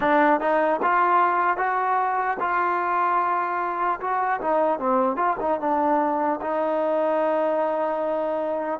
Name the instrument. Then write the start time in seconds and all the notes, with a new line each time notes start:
trombone
0.00 D4
0.40 D#4
0.82 F4
1.57 F#4
2.40 F4
4.00 F#4
4.40 D#4
4.79 C4
5.16 F4
5.40 D#4
5.60 D4
6.41 D#4